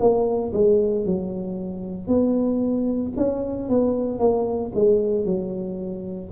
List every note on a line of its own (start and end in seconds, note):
0.00 0.53 A#3
0.54 1.06 G#3
1.06 2.08 F#3
2.08 3.13 B3
3.17 3.69 C#4
3.69 4.20 B3
4.20 4.72 A#3
4.75 5.25 G#3
5.25 6.31 F#3